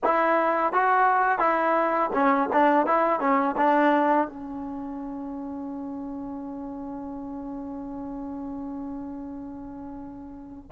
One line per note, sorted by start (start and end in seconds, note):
0.04 0.72 E4
0.72 1.38 F#4
1.38 2.10 E4
2.13 2.49 C#4
2.52 2.86 D4
2.86 3.19 E4
3.19 3.55 C#4
3.57 4.27 D4
4.27 10.70 C#4